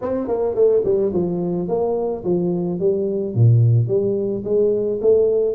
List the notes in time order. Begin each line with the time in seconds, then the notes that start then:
0.02 C4
0.27 A#3
0.55 A3
0.84 G3
1.13 F3
1.68 A#3
2.23 F3
2.79 G3
3.35 A#2
3.87 G3
4.44 G#3
5.01 A3